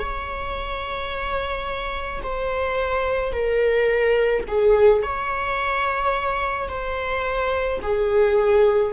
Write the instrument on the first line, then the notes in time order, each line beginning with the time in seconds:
viola
0.00 C#5
2.24 C5
3.33 A#4
4.48 G#4
5.03 C#5
6.69 C5
7.82 G#4